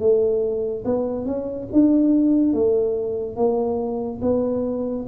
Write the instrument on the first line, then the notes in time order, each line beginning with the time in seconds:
tuba
0.00 A3
0.85 B3
1.26 C#4
1.73 D4
2.54 A3
3.36 A#3
4.22 B3